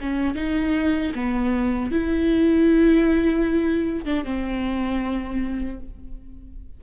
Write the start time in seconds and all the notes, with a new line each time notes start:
0.00 C#4
0.35 D#4
1.14 B3
1.91 E4
4.05 D4
4.24 C4